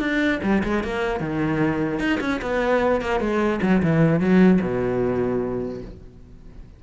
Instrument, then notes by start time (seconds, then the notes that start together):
cello
0.00 D4
0.43 G3
0.64 G#3
0.84 A#3
1.20 D#3
2.00 D#4
2.21 C#4
2.42 B3
3.02 A#3
3.20 G#3
3.62 F#3
3.83 E3
4.21 F#3
4.62 B2